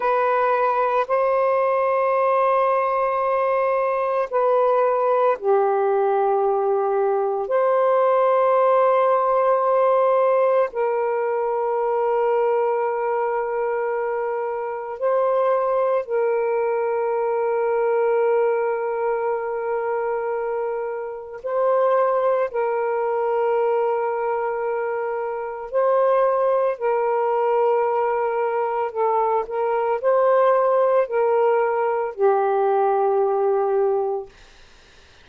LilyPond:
\new Staff \with { instrumentName = "saxophone" } { \time 4/4 \tempo 4 = 56 b'4 c''2. | b'4 g'2 c''4~ | c''2 ais'2~ | ais'2 c''4 ais'4~ |
ais'1 | c''4 ais'2. | c''4 ais'2 a'8 ais'8 | c''4 ais'4 g'2 | }